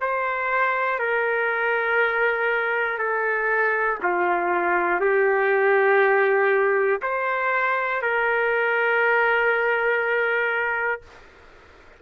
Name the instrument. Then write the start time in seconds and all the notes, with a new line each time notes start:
trumpet
0.00 C5
0.99 A#4
2.98 A4
4.03 F4
5.00 G4
7.02 C5
8.02 A#4